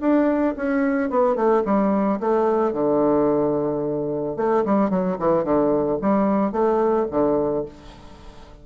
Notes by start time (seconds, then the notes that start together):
0.00 D4
0.56 C#4
1.10 B3
1.35 A3
1.65 G3
2.20 A3
2.73 D3
4.36 A3
4.65 G3
4.90 F#3
5.19 E3
5.44 D3
6.01 G3
6.52 A3
7.11 D3